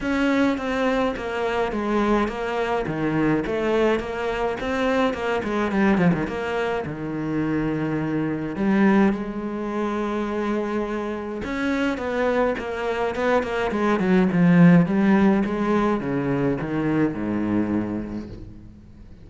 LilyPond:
\new Staff \with { instrumentName = "cello" } { \time 4/4 \tempo 4 = 105 cis'4 c'4 ais4 gis4 | ais4 dis4 a4 ais4 | c'4 ais8 gis8 g8 f16 dis16 ais4 | dis2. g4 |
gis1 | cis'4 b4 ais4 b8 ais8 | gis8 fis8 f4 g4 gis4 | cis4 dis4 gis,2 | }